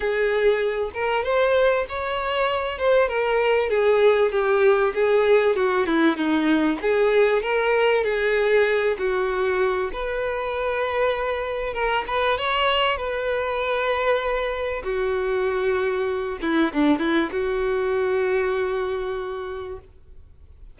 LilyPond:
\new Staff \with { instrumentName = "violin" } { \time 4/4 \tempo 4 = 97 gis'4. ais'8 c''4 cis''4~ | cis''8 c''8 ais'4 gis'4 g'4 | gis'4 fis'8 e'8 dis'4 gis'4 | ais'4 gis'4. fis'4. |
b'2. ais'8 b'8 | cis''4 b'2. | fis'2~ fis'8 e'8 d'8 e'8 | fis'1 | }